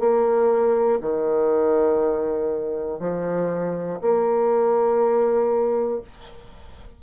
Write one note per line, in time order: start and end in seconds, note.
0.00 1.00 A#3
1.01 3.00 D#3
3.00 4.00 F3
4.01 6.01 A#3